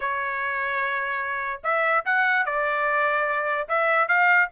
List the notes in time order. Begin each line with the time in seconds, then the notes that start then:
0.00 C#5
1.63 E5
2.05 F#5
2.45 D5
3.68 E5
4.08 F5